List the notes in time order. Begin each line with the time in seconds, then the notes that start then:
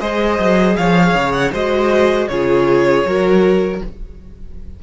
0.00 G#3 G#4 C5 D#5
0.39 F#3
0.76 F3 C#5 F5
1.14 C#3
1.32 F#5
1.52 G#3 F#4 C5 D#5
2.28 C#3 F4 G#4 C#5
3.05 F#3 F#4 A#4